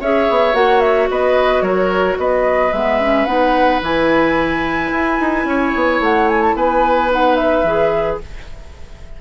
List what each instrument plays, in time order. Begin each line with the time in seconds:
0.00 bassoon C#4, clarinet G#4, oboe C#5, flute E5
0.30 bassoon B3
0.53 bassoon A#3, clarinet F#4, flute F#5
0.80 flute E5
1.10 bassoon B3, oboe B4, flute D#5
1.61 bassoon F#3, oboe A#4, flute C#5
2.18 bassoon B3, oboe B4, flute D#5
2.72 bassoon G#3, clarinet B3, flute E5
3.00 clarinet C#4
3.25 bassoon B3, clarinet D#4, flute F#5
3.82 bassoon E3, clarinet E4, flute G#5
4.91 bassoon E4
5.20 bassoon D#4
5.44 bassoon C#4, oboe C#5
5.75 bassoon B3
6.00 bassoon A3, flute F#5
6.28 flute G#5
6.41 flute A5
6.54 bassoon B3, oboe B4, flute G#5
7.10 clarinet D#4, flute F#5
7.35 flute E5
7.63 bassoon E3, clarinet G#4